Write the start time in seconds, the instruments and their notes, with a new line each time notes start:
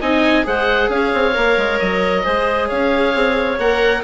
0.00 bassoon C4, viola D#4, clarinet D#5, oboe G#5
0.43 bassoon G#3, viola G#4, clarinet C5, oboe F#5
0.89 bassoon C#4, clarinet C#5, oboe F5
1.14 bassoon C4
1.34 bassoon A#3, viola A#4
1.57 bassoon G#3
1.79 bassoon F#3, oboe D#5
2.23 bassoon G#3, viola G#4, clarinet C5
2.67 bassoon C#4, clarinet C#5, oboe F5
3.14 bassoon C4
3.58 bassoon A#3, viola A#4, oboe F#5